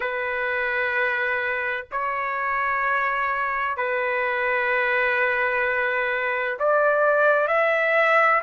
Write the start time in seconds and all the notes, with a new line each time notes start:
0.00 B4
1.91 C#5
3.76 B4
6.59 D5
7.47 E5